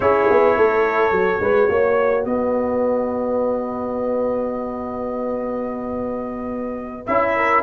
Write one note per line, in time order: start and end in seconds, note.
0.00 0.27 C#4
0.00 1.12 E4
0.00 0.57 G#4
0.00 2.24 C#5
0.30 0.57 B3
0.57 1.11 A3
0.57 1.41 A4
1.11 1.39 F#3
1.11 7.06 F#4
1.40 1.68 G#3
1.40 1.69 B4
1.69 2.25 A#3
1.69 2.26 C#5
2.24 7.06 B3
2.24 7.35 B4
2.24 7.05 D#5
7.06 7.63 C#4
7.06 7.63 E4
7.06 7.63 E5
7.35 7.63 A#4